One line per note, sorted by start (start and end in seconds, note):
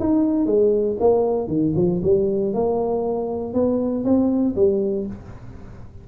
0.00 0.46 D#4
0.46 0.97 G#3
1.00 1.48 A#3
1.48 1.73 D#3
1.76 2.01 F3
2.03 2.54 G3
2.54 3.54 A#3
3.54 4.04 B3
4.04 4.55 C4
4.56 5.07 G3